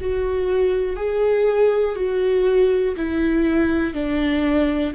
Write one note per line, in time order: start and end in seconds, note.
0.00 0.96 F#4
0.96 1.95 G#4
1.95 2.95 F#4
2.97 3.94 E4
3.94 4.94 D4